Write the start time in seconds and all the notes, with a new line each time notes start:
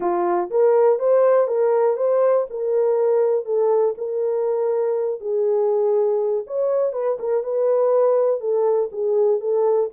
0.00 F4
0.50 A#4
0.99 C5
1.47 A#4
1.97 C5
2.50 A#4
3.45 A4
3.97 A#4
5.20 G#4
6.46 C#5
6.92 B4
7.19 A#4
7.43 B4
8.40 A4
8.91 G#4
9.40 A4